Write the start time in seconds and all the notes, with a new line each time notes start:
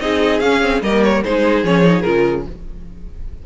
0.00 C4 D#4 G#4 D#5
0.40 C#4 F5
0.61 C4
0.82 G3 A#3 A#4 D#5
1.03 C#5
1.24 G#3 D#4 G#4 C5
1.63 F3 C#4 C#5
1.83 D#4
2.01 C#3 F4 A#4